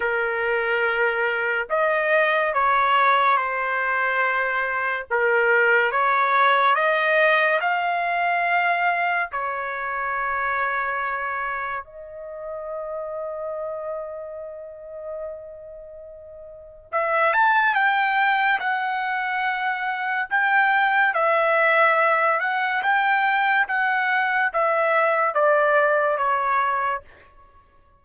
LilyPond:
\new Staff \with { instrumentName = "trumpet" } { \time 4/4 \tempo 4 = 71 ais'2 dis''4 cis''4 | c''2 ais'4 cis''4 | dis''4 f''2 cis''4~ | cis''2 dis''2~ |
dis''1 | e''8 a''8 g''4 fis''2 | g''4 e''4. fis''8 g''4 | fis''4 e''4 d''4 cis''4 | }